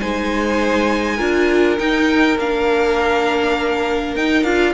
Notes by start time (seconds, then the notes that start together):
0.00 G#3 D#4 C5 G#5
1.16 D4 F4 A#4
1.78 D#4 G5
2.38 A#3 D4 F5
4.15 D#4 G5
4.43 D4 F4 F5